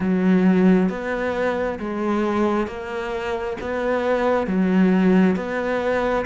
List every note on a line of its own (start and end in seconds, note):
0.00 0.89 F#3
0.89 1.79 B3
1.79 2.67 G#3
2.67 3.57 A#3
3.60 4.46 B3
4.46 5.35 F#3
5.35 6.25 B3